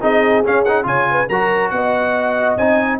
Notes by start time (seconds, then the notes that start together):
0.00 C4 D#4 G#4 D#5
0.44 C#4 F5
0.64 D#4 F#5
0.83 C#3 F4 C#5 G#5
1.11 B4
1.28 F#3 F#4 A#4 A#5
1.69 B3 D#5 F#5
2.56 C4 D#4 G#5